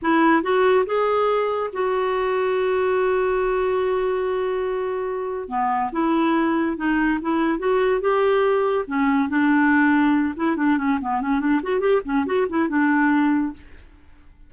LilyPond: \new Staff \with { instrumentName = "clarinet" } { \time 4/4 \tempo 4 = 142 e'4 fis'4 gis'2 | fis'1~ | fis'1~ | fis'4 b4 e'2 |
dis'4 e'4 fis'4 g'4~ | g'4 cis'4 d'2~ | d'8 e'8 d'8 cis'8 b8 cis'8 d'8 fis'8 | g'8 cis'8 fis'8 e'8 d'2 | }